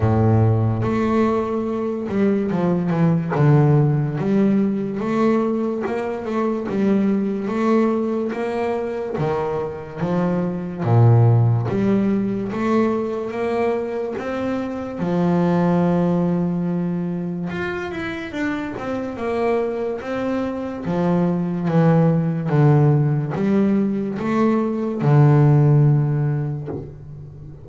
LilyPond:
\new Staff \with { instrumentName = "double bass" } { \time 4/4 \tempo 4 = 72 a,4 a4. g8 f8 e8 | d4 g4 a4 ais8 a8 | g4 a4 ais4 dis4 | f4 ais,4 g4 a4 |
ais4 c'4 f2~ | f4 f'8 e'8 d'8 c'8 ais4 | c'4 f4 e4 d4 | g4 a4 d2 | }